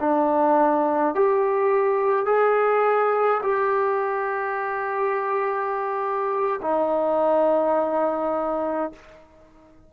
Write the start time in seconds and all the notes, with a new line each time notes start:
0.00 D4
1.15 G4
2.26 G#4
3.43 G4
6.62 D#4